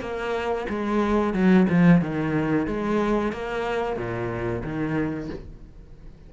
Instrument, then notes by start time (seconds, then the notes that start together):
cello
0.00 A#3
0.69 G#3
1.33 F#3
1.69 F3
2.00 D#3
2.66 G#3
3.32 A#3
3.96 A#2
4.63 D#3